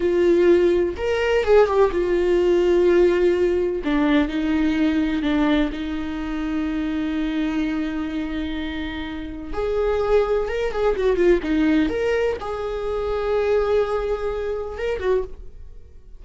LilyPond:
\new Staff \with { instrumentName = "viola" } { \time 4/4 \tempo 4 = 126 f'2 ais'4 gis'8 g'8 | f'1 | d'4 dis'2 d'4 | dis'1~ |
dis'1 | gis'2 ais'8 gis'8 fis'8 f'8 | dis'4 ais'4 gis'2~ | gis'2. ais'8 fis'8 | }